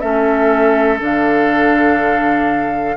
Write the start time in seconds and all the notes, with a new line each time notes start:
0.00 A3 C#4 A4 E5
1.00 D3 D4 F5